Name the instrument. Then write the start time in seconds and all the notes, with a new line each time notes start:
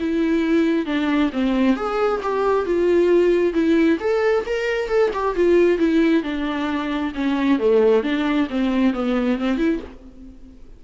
viola
0.00 E4
0.86 D4
1.33 C4
1.76 G#4
2.23 G4
2.66 F4
3.54 E4
4.00 A4
4.46 A#4
4.89 A4
5.14 G4
5.36 F4
5.78 E4
6.23 D4
7.15 C#4
7.59 A3
8.03 D4
8.50 C4
8.93 B3
9.38 C4
9.57 E4